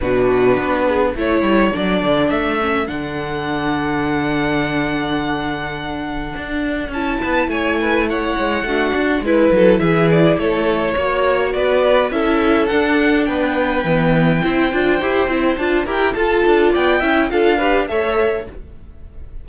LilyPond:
<<
  \new Staff \with { instrumentName = "violin" } { \time 4/4 \tempo 4 = 104 b'2 cis''4 d''4 | e''4 fis''2.~ | fis''1 | a''4 gis''4 fis''2 |
b'4 e''8 d''8 cis''2 | d''4 e''4 fis''4 g''4~ | g''2. a''8 g''8 | a''4 g''4 f''4 e''4 | }
  \new Staff \with { instrumentName = "violin" } { \time 4/4 fis'4. gis'8 a'2~ | a'1~ | a'1~ | a'8 b'8 cis''8 b'8 cis''4 fis'4 |
e'8 a'8 gis'4 a'4 cis''4 | b'4 a'2 b'4~ | b'4 c''2~ c''8 ais'8 | a'4 d''8 e''8 a'8 b'8 cis''4 | }
  \new Staff \with { instrumentName = "viola" } { \time 4/4 d'2 e'4 d'4~ | d'8 cis'8 d'2.~ | d'1 | e'2. d'4 |
e'2. fis'4~ | fis'4 e'4 d'2 | b4 e'8 f'8 g'8 e'8 f'8 g'8 | f'4. e'8 f'8 g'8 a'4 | }
  \new Staff \with { instrumentName = "cello" } { \time 4/4 b,4 b4 a8 g8 fis8 d8 | a4 d2.~ | d2. d'4 | cis'8 b8 a4. gis8 a8 d'8 |
gis8 fis8 e4 a4 ais4 | b4 cis'4 d'4 b4 | e4 c'8 d'8 e'8 c'8 d'8 e'8 | f'8 d'8 b8 cis'8 d'4 a4 | }
>>